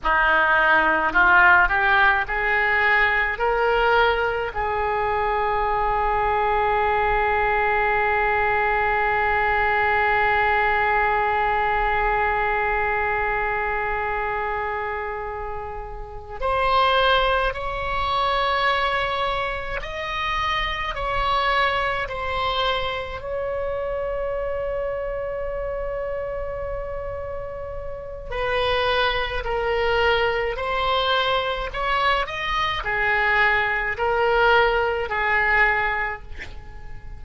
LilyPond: \new Staff \with { instrumentName = "oboe" } { \time 4/4 \tempo 4 = 53 dis'4 f'8 g'8 gis'4 ais'4 | gis'1~ | gis'1~ | gis'2~ gis'8 c''4 cis''8~ |
cis''4. dis''4 cis''4 c''8~ | c''8 cis''2.~ cis''8~ | cis''4 b'4 ais'4 c''4 | cis''8 dis''8 gis'4 ais'4 gis'4 | }